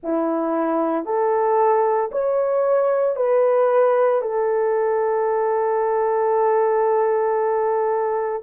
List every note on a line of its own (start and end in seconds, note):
0.02 1.05 E4
1.05 2.10 A4
2.11 3.16 C#5
3.16 4.21 B4
4.21 8.42 A4